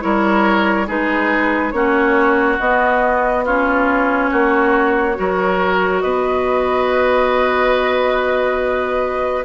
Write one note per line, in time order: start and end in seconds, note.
0.00 0.89 G3
0.00 0.86 E4
0.00 0.87 A#4
0.00 0.87 C#5
0.87 1.72 G#3
0.87 1.73 D#4
0.87 1.73 G#4
0.87 1.71 B4
1.71 2.58 A#3
1.71 2.59 C#4
1.71 3.44 F#4
1.71 2.57 C#5
2.59 4.31 B3
2.59 3.46 B3
2.59 3.45 D#5
3.44 5.14 C#4
3.44 4.30 F4
3.44 6.00 C#5
4.31 5.17 A#3
4.31 5.16 F#4
5.14 6.03 F#3
5.14 9.43 F#4
5.14 6.03 A#4
6.00 9.44 B3
6.00 9.44 B4
6.00 9.43 D#5